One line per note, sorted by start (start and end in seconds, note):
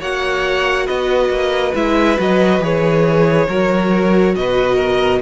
0.00 0.88 A#3
0.00 1.76 F#4
0.00 0.86 C#5
0.00 0.87 F#5
0.86 1.30 B3
0.86 3.47 B4
0.86 1.74 D#5
1.30 1.73 A#3
1.75 2.18 G#3
1.75 2.18 E4
1.75 2.19 E5
2.18 2.60 F#3
2.18 2.61 F#4
2.18 2.64 D#5
2.60 3.47 E3
2.60 3.48 G#4
2.60 4.36 C#5
3.49 4.36 F#3
3.49 5.22 F#4
3.49 4.36 A#4
4.36 5.22 B2
4.36 4.76 B4
4.36 5.22 D#5
4.76 5.19 A#4